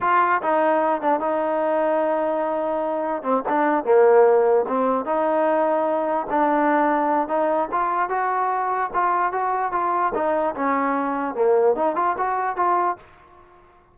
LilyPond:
\new Staff \with { instrumentName = "trombone" } { \time 4/4 \tempo 4 = 148 f'4 dis'4. d'8 dis'4~ | dis'1 | c'8 d'4 ais2 c'8~ | c'8 dis'2. d'8~ |
d'2 dis'4 f'4 | fis'2 f'4 fis'4 | f'4 dis'4 cis'2 | ais4 dis'8 f'8 fis'4 f'4 | }